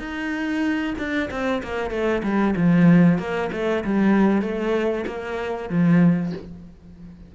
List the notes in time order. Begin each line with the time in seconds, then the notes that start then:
0.00 D#4
0.98 D4
1.31 C4
1.63 A#3
1.91 A3
2.23 G3
2.56 F3
3.19 A#3
3.53 A3
3.84 G3
4.42 A3
5.07 A#3
5.70 F3